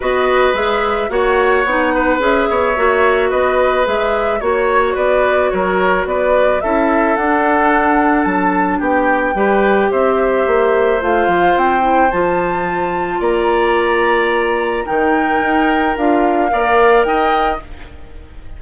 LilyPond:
<<
  \new Staff \with { instrumentName = "flute" } { \time 4/4 \tempo 4 = 109 dis''4 e''4 fis''2 | e''2 dis''4 e''4 | cis''4 d''4 cis''4 d''4 | e''4 fis''2 a''4 |
g''2 e''2 | f''4 g''4 a''2 | ais''2. g''4~ | g''4 f''2 g''4 | }
  \new Staff \with { instrumentName = "oboe" } { \time 4/4 b'2 cis''4. b'8~ | b'8 cis''4. b'2 | cis''4 b'4 ais'4 b'4 | a'1 |
g'4 b'4 c''2~ | c''1 | d''2. ais'4~ | ais'2 d''4 dis''4 | }
  \new Staff \with { instrumentName = "clarinet" } { \time 4/4 fis'4 gis'4 fis'4 dis'4 | gis'4 fis'2 gis'4 | fis'1 | e'4 d'2.~ |
d'4 g'2. | f'4. e'8 f'2~ | f'2. dis'4~ | dis'4 f'4 ais'2 | }
  \new Staff \with { instrumentName = "bassoon" } { \time 4/4 b4 gis4 ais4 b4 | cis'8 b8 ais4 b4 gis4 | ais4 b4 fis4 b4 | cis'4 d'2 fis4 |
b4 g4 c'4 ais4 | a8 f8 c'4 f2 | ais2. dis4 | dis'4 d'4 ais4 dis'4 | }
>>